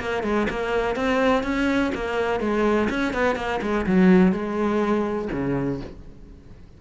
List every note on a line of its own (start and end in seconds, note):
0.00 0.23 A#3
0.23 0.47 G#3
0.50 0.96 A#3
0.96 1.44 C4
1.44 1.92 C#4
1.95 2.40 A#3
2.40 2.89 G#3
2.90 3.14 C#4
3.14 3.36 B3
3.36 3.60 A#3
3.62 3.86 G#3
3.86 4.32 F#3
4.32 5.29 G#3
5.32 5.81 C#3